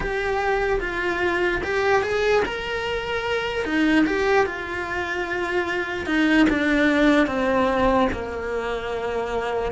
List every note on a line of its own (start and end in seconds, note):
0.00 0.79 G4
0.80 1.61 F4
1.63 2.02 G4
2.02 2.43 G#4
2.45 3.64 A#4
3.64 4.05 D#4
4.06 4.46 G4
4.46 6.06 F4
6.06 6.46 D#4
6.49 7.26 D4
7.26 8.07 C4
8.12 9.71 A#3